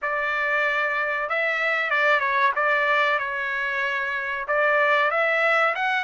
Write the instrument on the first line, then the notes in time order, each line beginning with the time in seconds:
trumpet
0.01 D5
1.29 E5
1.90 D5
2.20 C#5
2.55 D5
3.18 C#5
4.47 D5
5.10 E5
5.75 F#5